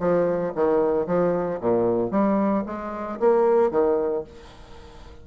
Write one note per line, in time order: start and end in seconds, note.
0.00 0.53 F3
0.55 1.07 D#3
1.07 1.60 F3
1.60 2.11 A#2
2.11 2.64 G3
2.66 3.19 G#3
3.20 3.71 A#3
3.71 4.24 D#3